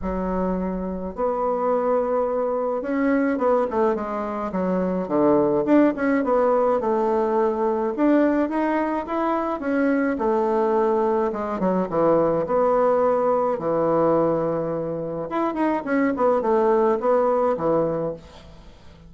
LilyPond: \new Staff \with { instrumentName = "bassoon" } { \time 4/4 \tempo 4 = 106 fis2 b2~ | b4 cis'4 b8 a8 gis4 | fis4 d4 d'8 cis'8 b4 | a2 d'4 dis'4 |
e'4 cis'4 a2 | gis8 fis8 e4 b2 | e2. e'8 dis'8 | cis'8 b8 a4 b4 e4 | }